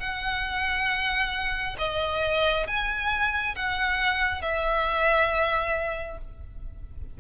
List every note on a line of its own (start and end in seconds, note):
0.00 1.76 F#5
1.79 2.67 D#5
2.67 3.55 G#5
3.56 4.42 F#5
4.42 6.18 E5